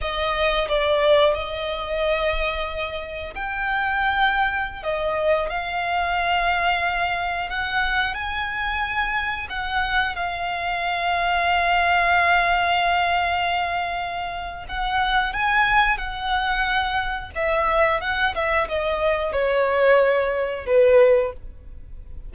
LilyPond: \new Staff \with { instrumentName = "violin" } { \time 4/4 \tempo 4 = 90 dis''4 d''4 dis''2~ | dis''4 g''2~ g''16 dis''8.~ | dis''16 f''2. fis''8.~ | fis''16 gis''2 fis''4 f''8.~ |
f''1~ | f''2 fis''4 gis''4 | fis''2 e''4 fis''8 e''8 | dis''4 cis''2 b'4 | }